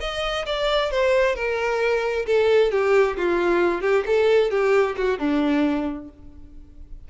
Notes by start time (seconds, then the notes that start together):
0.00 D#5
0.46 D5
0.91 C5
1.35 A#4
2.26 A4
2.71 G4
3.17 F4
3.81 G4
4.06 A4
4.51 G4
4.97 F#4
5.18 D4